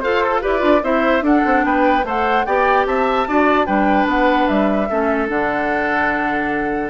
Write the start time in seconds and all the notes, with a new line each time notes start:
0.00 F4 A4 C5 F5
0.24 A4
0.41 E4 G4 B4 D5
0.59 D4 F4
0.83 C4 E4 C5 E5
1.22 D4 A4 F#5
1.46 C4
1.64 B3 B4 G5
2.04 A3 A4 C5 F#5
2.45 B3 G4 D5 G5
2.86 C4 E5 A5
3.28 D4 F#4 D5
3.66 G3 D4 B4 G5
4.06 B3 F#5
4.47 G3 E5
4.90 A3 C#4 A4
5.28 D3 D4 F#5